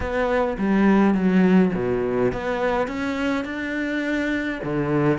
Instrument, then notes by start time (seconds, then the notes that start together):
cello
0.00 B3
0.58 G3
1.14 F#3
1.74 B2
2.32 B3
2.87 C#4
3.45 D4
4.63 D3